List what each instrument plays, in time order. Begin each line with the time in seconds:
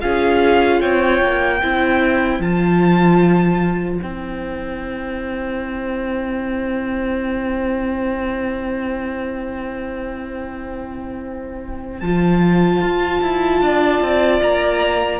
0.00 cello C#4, viola F4, violin G#4 F5
0.81 cello C4, violin C#5 G5
1.22 cello A#3
1.59 cello C4, viola E4, violin C5
2.40 cello F3, viola F4, violin A5
4.01 cello C4, viola E4, violin G5
12.01 cello F3, viola F4, violin A5
12.81 cello F4
13.22 cello E4
13.61 cello D4, violin D5
14.01 cello C4
14.42 cello A#3, violin A#5